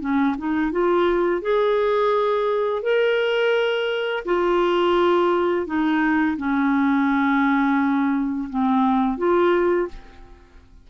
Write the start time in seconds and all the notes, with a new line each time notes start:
0.00 C#4
0.38 D#4
0.71 F4
1.41 G#4
2.82 A#4
4.25 F4
5.66 D#4
6.37 C#4
8.49 C4
9.17 F4